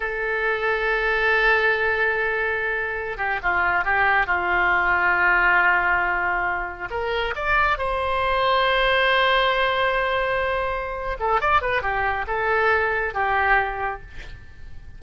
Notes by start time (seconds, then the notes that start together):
0.00 A4
3.17 G4
3.42 F4
3.84 G4
4.26 F4
6.90 A#4
7.35 D5
7.78 C5
11.19 A4
11.40 D5
11.61 B4
11.81 G4
12.27 A4
13.13 G4